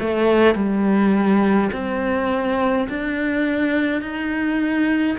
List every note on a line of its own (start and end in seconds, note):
0.00 0.56 A3
0.56 1.71 G3
1.73 2.88 C4
2.90 4.02 D4
4.02 5.18 D#4